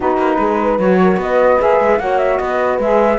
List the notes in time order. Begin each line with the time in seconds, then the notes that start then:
0.00 B3 D#4 F#4 B4
0.17 A#3
0.38 G#3 G#4
0.62 B4
0.78 F#3 F#4 C#5
1.02 A#4
1.17 B3 B4 D#5
1.59 A#3 G#4 E5
1.79 G#3
1.99 A#3 F#4 C#5 F#5
2.17 E5
2.38 B3 B4 D#5
2.78 G#3 G#4 E5